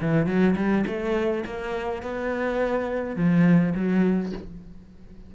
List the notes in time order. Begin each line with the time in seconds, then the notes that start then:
0.00 E3
0.26 F#3
0.56 G3
0.87 A3
1.45 A#3
2.02 B3
3.16 F3
3.74 F#3